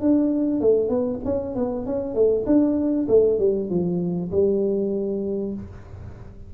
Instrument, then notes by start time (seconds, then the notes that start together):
tuba
0.00 D4
0.60 A3
0.88 B3
1.24 C#4
1.55 B3
1.85 C#4
2.14 A3
2.46 D4
3.08 A3
3.39 G3
3.70 F3
4.31 G3